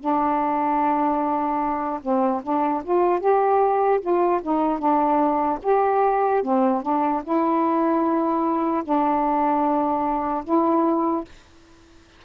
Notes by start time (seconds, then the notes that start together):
0.00 D4
2.02 C4
2.43 D4
2.84 F4
3.20 G4
4.01 F4
4.43 D#4
4.79 D4
5.63 G4
6.43 C4
6.83 D4
7.24 E4
8.84 D4
10.45 E4